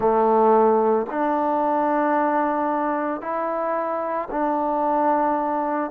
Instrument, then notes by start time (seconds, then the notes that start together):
trombone
0.00 A3
1.10 D4
3.21 E4
4.31 D4